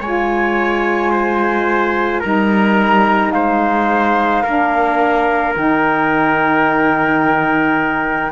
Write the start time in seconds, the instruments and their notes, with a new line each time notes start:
0.00 cello G#3, saxophone F4, trumpet C#5, flute G#5
1.12 trumpet C5
2.20 cello G3, saxophone D#4, trumpet A#4, flute A#5
3.32 cello G#3, trumpet C5, flute F5
4.43 cello A#3, saxophone D4, trumpet A#4
5.55 cello D#3, saxophone D#4, flute G5